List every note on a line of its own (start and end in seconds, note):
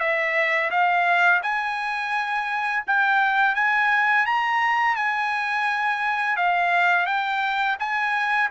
0.00 0.71 E5
0.71 1.41 F5
1.43 2.84 G#5
2.87 3.56 G5
3.56 4.26 G#5
4.26 4.96 A#5
4.96 6.37 G#5
6.37 7.07 F5
7.07 7.77 G5
7.80 8.50 G#5